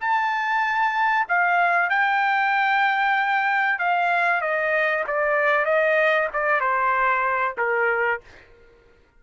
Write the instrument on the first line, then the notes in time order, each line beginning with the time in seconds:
trumpet
0.00 A5
1.28 F5
1.89 G5
3.78 F5
4.41 D#5
5.07 D5
5.65 D#5
6.33 D5
6.60 C5
7.57 A#4